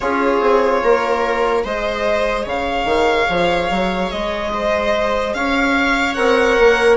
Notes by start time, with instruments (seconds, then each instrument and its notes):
0.00 bassoon C#4, trombone F4, viola G#4, violin C#5
0.40 bassoon C4
0.83 bassoon A#3, viola A#4
1.64 bassoon G#3, trombone G#4, viola C5, violin D#5
2.43 bassoon C#3, viola C#5, violin F5
2.84 bassoon D#3
3.29 bassoon F3
3.70 bassoon F#3
4.11 bassoon G#3, violin D#5
4.53 viola C5
5.34 bassoon C#4, viola C#5, violin F5
6.14 bassoon C4, trombone A#4, violin F#5
6.59 bassoon A#3